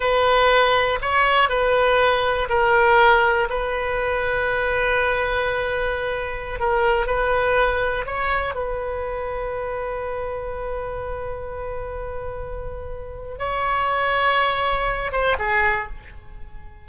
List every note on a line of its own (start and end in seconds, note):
0.00 0.99 B4
1.01 1.49 C#5
1.49 2.48 B4
2.49 3.48 A#4
3.49 6.59 B4
6.59 7.06 A#4
7.06 8.05 B4
8.06 8.54 C#5
8.54 13.38 B4
13.38 15.11 C#5
15.12 15.37 C5
15.38 15.88 G#4